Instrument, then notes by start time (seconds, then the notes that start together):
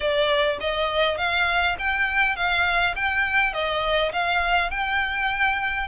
violin
0.00 D5
0.60 D#5
1.17 F5
1.78 G5
2.36 F5
2.95 G5
3.53 D#5
4.12 F5
4.70 G5